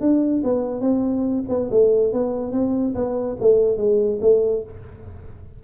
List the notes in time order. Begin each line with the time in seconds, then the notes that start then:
0.00 D4
0.43 B3
0.80 C4
1.48 B3
1.71 A3
2.12 B3
2.52 C4
2.94 B3
3.40 A3
3.77 G#3
4.21 A3